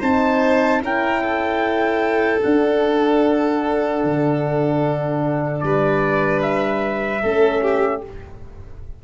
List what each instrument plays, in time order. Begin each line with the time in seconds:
0.00 tuba C4, horn D#4, violin C5, trumpet A5
0.82 tuba C#4, horn E4, violin A#4, trumpet G5
1.23 violin A4
2.43 horn D4, tuba D4, trumpet F#5
4.04 tuba D3
5.60 tuba G3, violin B4, trumpet D5
6.42 trumpet E5
7.22 tuba A3, horn C#4, violin A4
7.62 violin G4